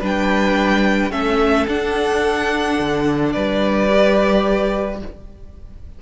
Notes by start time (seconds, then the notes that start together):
0.00 G3 D4 B4 G5
1.10 A3 C#4 A4 E5
1.67 D4 F#5
2.79 D3
3.32 G3 B4 D5
3.89 G4